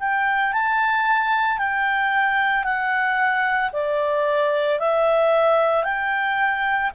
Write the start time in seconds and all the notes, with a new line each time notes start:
0.00 G5
0.53 A5
1.59 G5
2.64 F#5
3.73 D5
4.80 E5
5.84 G5